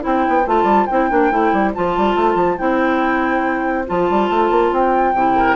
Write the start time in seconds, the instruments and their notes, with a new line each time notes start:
0.00 bassoon C4, clarinet E4, oboe C5, flute G5
0.28 bassoon B3
0.46 bassoon A3, clarinet F4, flute A5
0.63 bassoon G3
0.86 bassoon C4, clarinet E4, flute G5
1.10 bassoon A#3, clarinet D4
1.31 bassoon A3, clarinet E4
1.53 bassoon G3
1.74 bassoon F3, clarinet F4, flute A5
1.97 bassoon G3
2.15 bassoon A3
2.34 bassoon F3
2.57 bassoon C4, clarinet E4, flute G5
3.86 bassoon F3, clarinet F4, flute A5
4.10 bassoon G3
4.29 bassoon A3
4.50 bassoon A#3
4.72 bassoon C4, flute G5
5.13 bassoon C3, clarinet E4
5.35 oboe A#4